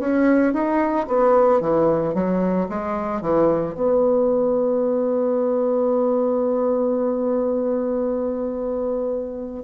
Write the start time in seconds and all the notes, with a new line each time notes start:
0.00 C#4
0.54 D#4
1.08 B3
1.61 E3
2.15 F#3
2.69 G#3
3.22 E3
3.75 B3